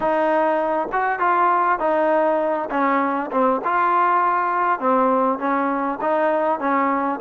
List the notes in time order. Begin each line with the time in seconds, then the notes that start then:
0.00 D#4
0.92 F#4
1.19 F4
1.79 D#4
2.70 C#4
3.31 C4
3.64 F4
4.79 C4
5.38 C#4
6.01 D#4
6.59 C#4